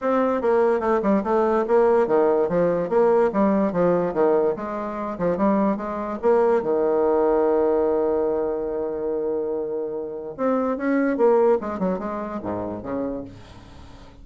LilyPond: \new Staff \with { instrumentName = "bassoon" } { \time 4/4 \tempo 4 = 145 c'4 ais4 a8 g8 a4 | ais4 dis4 f4 ais4 | g4 f4 dis4 gis4~ | gis8 f8 g4 gis4 ais4 |
dis1~ | dis1~ | dis4 c'4 cis'4 ais4 | gis8 fis8 gis4 gis,4 cis4 | }